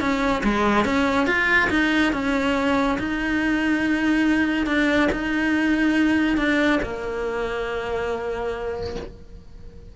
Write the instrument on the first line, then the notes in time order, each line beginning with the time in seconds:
cello
0.00 C#4
0.43 G#3
0.85 C#4
1.26 F4
1.70 D#4
2.13 C#4
2.99 D#4
4.66 D4
5.12 D#4
6.37 D4
6.83 A#3